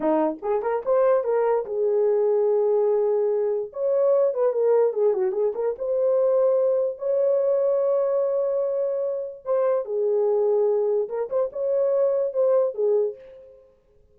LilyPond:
\new Staff \with { instrumentName = "horn" } { \time 4/4 \tempo 4 = 146 dis'4 gis'8 ais'8 c''4 ais'4 | gis'1~ | gis'4 cis''4. b'8 ais'4 | gis'8 fis'8 gis'8 ais'8 c''2~ |
c''4 cis''2.~ | cis''2. c''4 | gis'2. ais'8 c''8 | cis''2 c''4 gis'4 | }